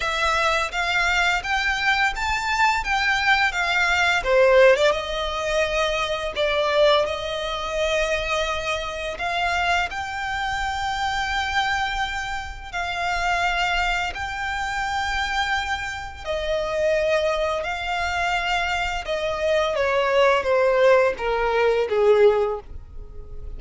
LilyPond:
\new Staff \with { instrumentName = "violin" } { \time 4/4 \tempo 4 = 85 e''4 f''4 g''4 a''4 | g''4 f''4 c''8. d''16 dis''4~ | dis''4 d''4 dis''2~ | dis''4 f''4 g''2~ |
g''2 f''2 | g''2. dis''4~ | dis''4 f''2 dis''4 | cis''4 c''4 ais'4 gis'4 | }